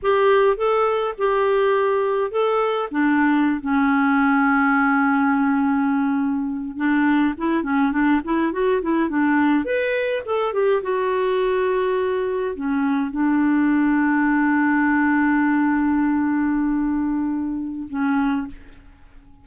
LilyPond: \new Staff \with { instrumentName = "clarinet" } { \time 4/4 \tempo 4 = 104 g'4 a'4 g'2 | a'4 d'4~ d'16 cis'4.~ cis'16~ | cis'2.~ cis'8. d'16~ | d'8. e'8 cis'8 d'8 e'8 fis'8 e'8 d'16~ |
d'8. b'4 a'8 g'8 fis'4~ fis'16~ | fis'4.~ fis'16 cis'4 d'4~ d'16~ | d'1~ | d'2. cis'4 | }